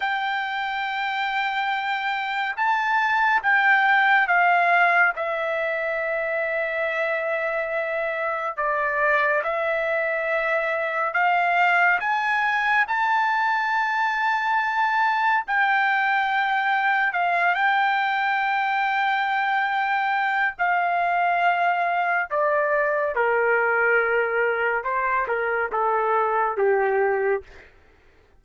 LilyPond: \new Staff \with { instrumentName = "trumpet" } { \time 4/4 \tempo 4 = 70 g''2. a''4 | g''4 f''4 e''2~ | e''2 d''4 e''4~ | e''4 f''4 gis''4 a''4~ |
a''2 g''2 | f''8 g''2.~ g''8 | f''2 d''4 ais'4~ | ais'4 c''8 ais'8 a'4 g'4 | }